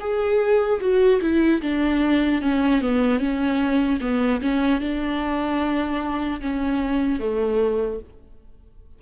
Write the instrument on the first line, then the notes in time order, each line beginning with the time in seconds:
viola
0.00 G#4
0.80 F#4
1.21 E4
1.62 D4
2.41 C#4
2.81 B3
3.19 C#4
4.01 B3
4.41 C#4
4.80 D4
6.41 C#4
7.20 A3